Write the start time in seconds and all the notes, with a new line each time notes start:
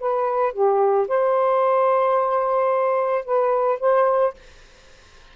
0.00 B4
0.53 G4
1.08 C5
3.26 B4
3.80 C5